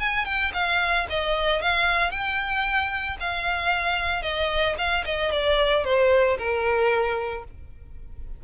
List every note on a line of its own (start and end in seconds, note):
0.00 0.25 G#5
0.25 0.51 G5
0.53 1.06 F5
1.09 1.61 D#5
1.61 2.10 F5
2.10 3.17 G5
3.20 4.22 F5
4.22 4.75 D#5
4.78 5.04 F5
5.05 5.31 D#5
5.31 5.84 D5
5.84 6.37 C5
6.38 7.44 A#4